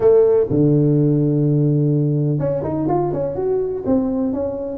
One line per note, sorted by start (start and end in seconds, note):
0.00 0.46 A3
0.50 2.38 D3
2.38 2.62 C#4
2.63 2.87 D#4
2.88 3.12 F4
3.13 3.35 C#4
3.35 3.83 F#4
3.86 4.33 C4
4.33 4.77 C#4